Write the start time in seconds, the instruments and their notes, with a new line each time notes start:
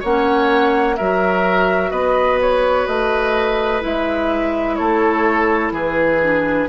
0.00 bassoon A#3, clarinet C#4, oboe C#5, flute F#5
0.96 bassoon F#3, clarinet F#4, oboe A#4, flute E5
1.90 bassoon B3, oboe B4, flute D#5
2.40 flute C#5
2.86 bassoon A3, flute D#5
3.81 bassoon G#3, clarinet E4, flute E5
4.75 bassoon A3, oboe A4, flute C#5
5.71 bassoon E3, oboe G#4, flute B4
6.21 clarinet D4